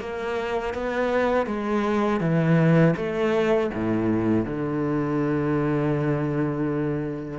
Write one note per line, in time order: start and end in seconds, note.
0.00 0.74 A#3
0.74 1.46 B3
1.46 2.20 G#3
2.20 2.94 E3
2.96 3.70 A3
3.74 4.45 A2
4.45 7.39 D3